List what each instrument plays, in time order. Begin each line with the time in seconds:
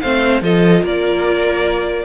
0.00 cello A3, viola C4, violin C5 F5
0.41 cello F3, viola F4, violin A4 D#5
0.83 cello A#3, violin A#4 D5